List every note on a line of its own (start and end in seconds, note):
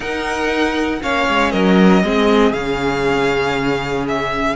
0.00 1.00 D#4
0.00 1.01 D#4
0.00 0.99 A#4
0.00 1.02 F#5
1.01 1.27 A#3
1.01 2.03 C#4
1.01 1.52 C#5
1.01 1.51 F5
1.27 1.53 G#3
1.51 2.03 F#3
1.51 2.03 A#4
1.51 2.53 D#5
2.03 2.52 G#3
2.03 2.53 C4
2.03 4.56 G#4
2.52 4.56 C#3
2.52 4.56 C#4
2.52 4.05 F5
4.08 4.56 E5